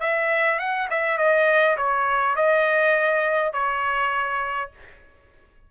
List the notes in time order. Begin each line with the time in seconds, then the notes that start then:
0.00 E5
0.59 F#5
0.90 E5
1.17 D#5
1.76 C#5
2.36 D#5
3.52 C#5